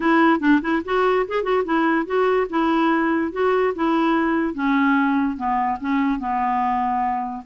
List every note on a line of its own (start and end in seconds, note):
0.00 0.40 E4
0.40 0.60 D4
0.61 0.82 E4
0.85 1.26 F#4
1.28 1.43 G#4
1.43 1.63 F#4
1.64 2.05 E4
2.05 2.47 F#4
2.49 3.32 E4
3.32 3.73 F#4
3.75 4.54 E4
4.54 5.36 C#4
5.36 5.78 B3
5.80 6.19 C#4
6.19 7.43 B3